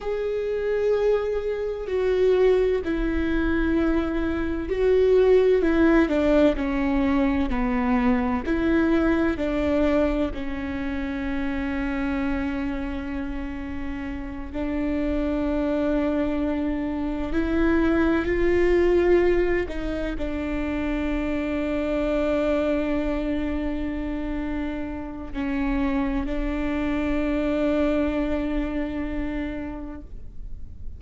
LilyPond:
\new Staff \with { instrumentName = "viola" } { \time 4/4 \tempo 4 = 64 gis'2 fis'4 e'4~ | e'4 fis'4 e'8 d'8 cis'4 | b4 e'4 d'4 cis'4~ | cis'2.~ cis'8 d'8~ |
d'2~ d'8 e'4 f'8~ | f'4 dis'8 d'2~ d'8~ | d'2. cis'4 | d'1 | }